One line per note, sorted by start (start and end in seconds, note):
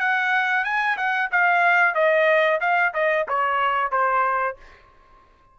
0.00 0.65 F#5
0.65 0.97 G#5
0.98 1.30 F#5
1.32 1.95 F5
1.95 2.60 D#5
2.61 2.94 F5
2.94 3.27 D#5
3.29 3.92 C#5
3.92 4.57 C5